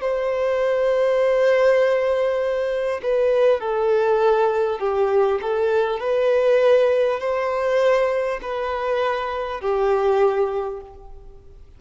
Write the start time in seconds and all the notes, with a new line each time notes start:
0.00 C5
3.02 B4
3.60 A4
4.79 G4
5.41 A4
6.00 B4
7.20 C5
8.42 B4
9.61 G4